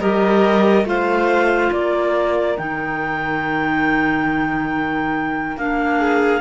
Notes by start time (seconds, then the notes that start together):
0.00 G3 G4 A#4 D#5
0.84 A3 F4 C5 F5
1.71 A#3 A#4 D5
2.57 D#3 D#4 G5
5.57 A#3 D4 F5
5.98 G#4